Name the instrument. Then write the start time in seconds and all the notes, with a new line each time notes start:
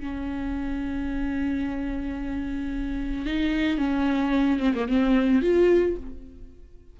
viola
0.00 C#4
3.26 D#4
3.78 C#4
4.60 C4
4.75 A#3
4.88 C4
5.42 F4